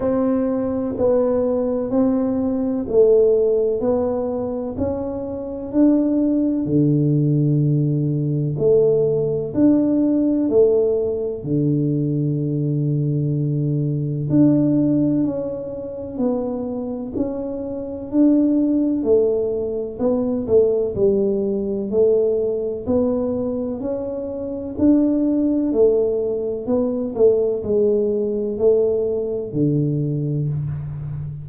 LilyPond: \new Staff \with { instrumentName = "tuba" } { \time 4/4 \tempo 4 = 63 c'4 b4 c'4 a4 | b4 cis'4 d'4 d4~ | d4 a4 d'4 a4 | d2. d'4 |
cis'4 b4 cis'4 d'4 | a4 b8 a8 g4 a4 | b4 cis'4 d'4 a4 | b8 a8 gis4 a4 d4 | }